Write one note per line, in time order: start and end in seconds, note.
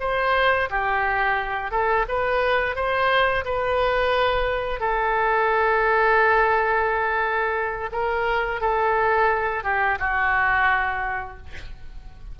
0.00 0.69 C5
0.70 1.71 G4
1.71 2.06 A4
2.08 2.76 B4
2.76 3.45 C5
3.45 4.80 B4
4.80 7.90 A4
7.92 8.61 A#4
8.61 9.64 A4
9.64 9.98 G4
9.99 11.37 F#4